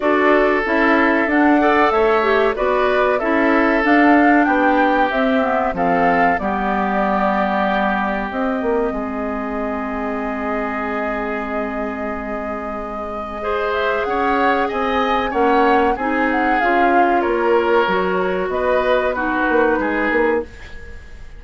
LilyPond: <<
  \new Staff \with { instrumentName = "flute" } { \time 4/4 \tempo 4 = 94 d''4 e''4 fis''4 e''4 | d''4 e''4 f''4 g''4 | e''4 f''4 d''2~ | d''4 dis''2.~ |
dis''1~ | dis''4. e''8 fis''4 gis''4 | fis''4 gis''8 fis''8 f''4 cis''4~ | cis''4 dis''4 b'2 | }
  \new Staff \with { instrumentName = "oboe" } { \time 4/4 a'2~ a'8 d''8 cis''4 | b'4 a'2 g'4~ | g'4 a'4 g'2~ | g'2 gis'2~ |
gis'1~ | gis'4 c''4 cis''4 dis''4 | cis''4 gis'2 ais'4~ | ais'4 b'4 fis'4 gis'4 | }
  \new Staff \with { instrumentName = "clarinet" } { \time 4/4 fis'4 e'4 d'8 a'4 g'8 | fis'4 e'4 d'2 | c'8 b8 c'4 b2~ | b4 c'2.~ |
c'1~ | c'4 gis'2. | cis'4 dis'4 f'2 | fis'2 dis'2 | }
  \new Staff \with { instrumentName = "bassoon" } { \time 4/4 d'4 cis'4 d'4 a4 | b4 cis'4 d'4 b4 | c'4 f4 g2~ | g4 c'8 ais8 gis2~ |
gis1~ | gis2 cis'4 c'4 | ais4 c'4 cis'4 ais4 | fis4 b4. ais8 gis8 ais8 | }
>>